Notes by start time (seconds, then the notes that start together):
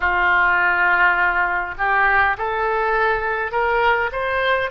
0.00 F4
1.78 G4
2.37 A4
3.51 A#4
4.12 C5